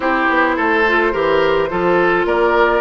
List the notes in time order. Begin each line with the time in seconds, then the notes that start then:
0.00 C4 E4 G4 C5
0.29 B3
0.56 A3 A4
0.87 F4
1.12 E3 G4 A#4
1.69 F3 F4 A4
2.25 A#3 A#4 D5